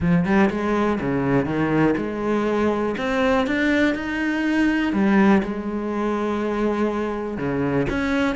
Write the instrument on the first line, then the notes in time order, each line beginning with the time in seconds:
cello
0.00 F3
0.25 G3
0.50 G#3
1.00 C#3
1.45 D#3
1.97 G#3
2.97 C4
3.46 D4
3.94 D#4
4.92 G3
5.42 G#3
7.37 C#3
7.89 C#4